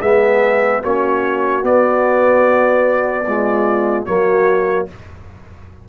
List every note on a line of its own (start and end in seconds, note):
0.00 0.81 G#3
0.00 0.83 B3
0.00 0.81 G#4
0.00 0.82 E5
0.81 1.62 A#3
0.81 1.62 C#4
0.81 3.24 F#4
0.81 1.65 C#5
1.62 3.24 B3
1.62 4.05 B3
1.62 4.05 D5
3.27 4.06 G#3
3.27 4.07 F4
4.05 4.88 F#3
4.05 4.87 A#3
4.05 4.88 F#4
4.05 4.86 C#5